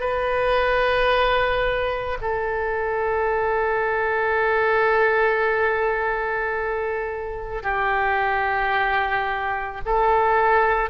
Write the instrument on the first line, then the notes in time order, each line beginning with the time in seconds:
oboe
0.00 B4
2.21 A4
7.63 G4
9.86 A4